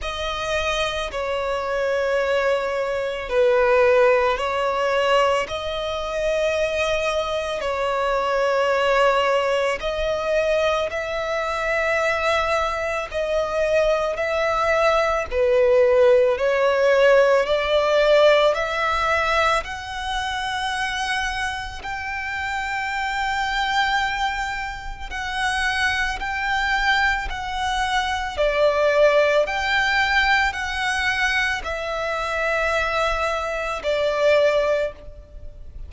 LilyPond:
\new Staff \with { instrumentName = "violin" } { \time 4/4 \tempo 4 = 55 dis''4 cis''2 b'4 | cis''4 dis''2 cis''4~ | cis''4 dis''4 e''2 | dis''4 e''4 b'4 cis''4 |
d''4 e''4 fis''2 | g''2. fis''4 | g''4 fis''4 d''4 g''4 | fis''4 e''2 d''4 | }